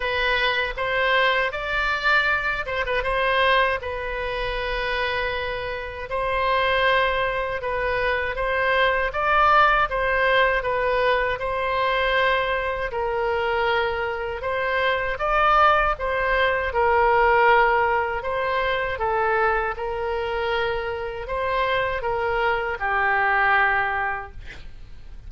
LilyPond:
\new Staff \with { instrumentName = "oboe" } { \time 4/4 \tempo 4 = 79 b'4 c''4 d''4. c''16 b'16 | c''4 b'2. | c''2 b'4 c''4 | d''4 c''4 b'4 c''4~ |
c''4 ais'2 c''4 | d''4 c''4 ais'2 | c''4 a'4 ais'2 | c''4 ais'4 g'2 | }